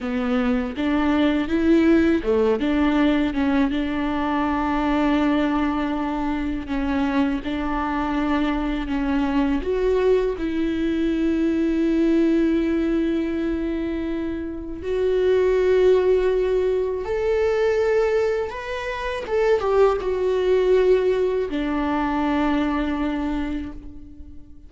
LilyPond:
\new Staff \with { instrumentName = "viola" } { \time 4/4 \tempo 4 = 81 b4 d'4 e'4 a8 d'8~ | d'8 cis'8 d'2.~ | d'4 cis'4 d'2 | cis'4 fis'4 e'2~ |
e'1 | fis'2. a'4~ | a'4 b'4 a'8 g'8 fis'4~ | fis'4 d'2. | }